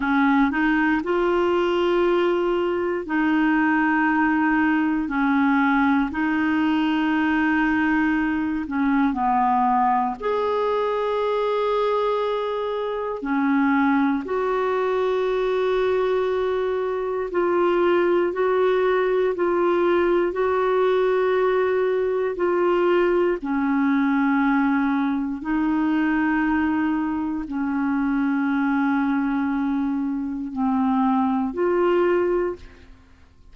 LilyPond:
\new Staff \with { instrumentName = "clarinet" } { \time 4/4 \tempo 4 = 59 cis'8 dis'8 f'2 dis'4~ | dis'4 cis'4 dis'2~ | dis'8 cis'8 b4 gis'2~ | gis'4 cis'4 fis'2~ |
fis'4 f'4 fis'4 f'4 | fis'2 f'4 cis'4~ | cis'4 dis'2 cis'4~ | cis'2 c'4 f'4 | }